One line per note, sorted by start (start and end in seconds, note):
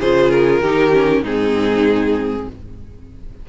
0.00 0.61 C#3
0.00 0.63 F4
0.00 0.62 G#4
0.00 0.31 C5
0.31 1.24 A#4
0.61 1.23 D#3
0.61 0.92 D#4
0.61 1.22 G4
0.92 1.23 C#4
1.22 2.46 G#2
1.22 2.49 C4
1.22 2.46 D#4
1.22 2.49 G#4